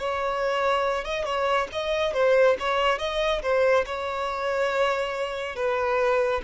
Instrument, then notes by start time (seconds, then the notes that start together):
violin
0.00 C#5
1.05 D#5
1.25 C#5
1.73 D#5
2.14 C5
2.60 C#5
2.99 D#5
3.43 C5
3.86 C#5
5.56 B4